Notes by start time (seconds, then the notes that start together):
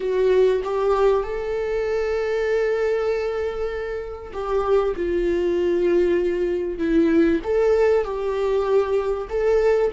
0.00 F#4
0.64 G4
1.23 A4
4.33 G4
4.95 F4
6.78 E4
7.43 A4
8.04 G4
9.29 A4